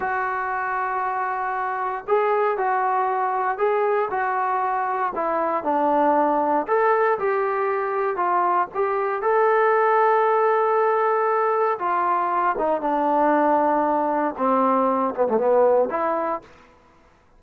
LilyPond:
\new Staff \with { instrumentName = "trombone" } { \time 4/4 \tempo 4 = 117 fis'1 | gis'4 fis'2 gis'4 | fis'2 e'4 d'4~ | d'4 a'4 g'2 |
f'4 g'4 a'2~ | a'2. f'4~ | f'8 dis'8 d'2. | c'4. b16 a16 b4 e'4 | }